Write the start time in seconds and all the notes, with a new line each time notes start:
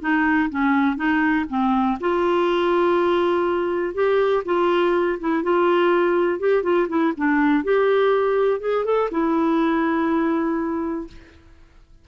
0.00 D#4
0.50 C#4
0.96 D#4
1.49 C4
2.00 F4
3.94 G4
4.45 F4
5.20 E4
5.43 F4
6.39 G4
6.63 F4
6.88 E4
7.17 D4
7.64 G4
8.60 G#4
8.85 A4
9.11 E4